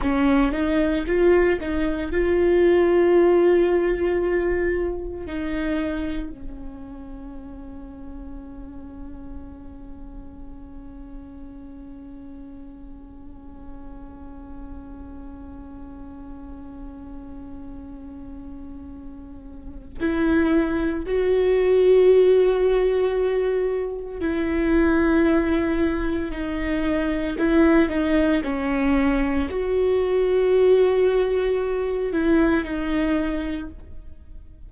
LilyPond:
\new Staff \with { instrumentName = "viola" } { \time 4/4 \tempo 4 = 57 cis'8 dis'8 f'8 dis'8 f'2~ | f'4 dis'4 cis'2~ | cis'1~ | cis'1~ |
cis'2. e'4 | fis'2. e'4~ | e'4 dis'4 e'8 dis'8 cis'4 | fis'2~ fis'8 e'8 dis'4 | }